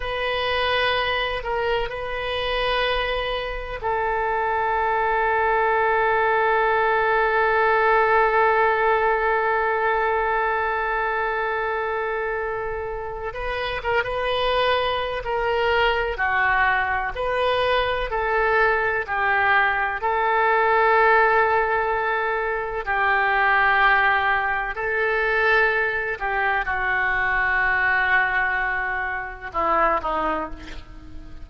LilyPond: \new Staff \with { instrumentName = "oboe" } { \time 4/4 \tempo 4 = 63 b'4. ais'8 b'2 | a'1~ | a'1~ | a'2 b'8 ais'16 b'4~ b'16 |
ais'4 fis'4 b'4 a'4 | g'4 a'2. | g'2 a'4. g'8 | fis'2. e'8 dis'8 | }